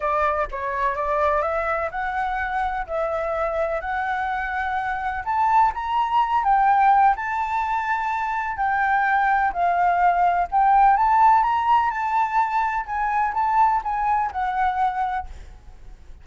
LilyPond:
\new Staff \with { instrumentName = "flute" } { \time 4/4 \tempo 4 = 126 d''4 cis''4 d''4 e''4 | fis''2 e''2 | fis''2. a''4 | ais''4. g''4. a''4~ |
a''2 g''2 | f''2 g''4 a''4 | ais''4 a''2 gis''4 | a''4 gis''4 fis''2 | }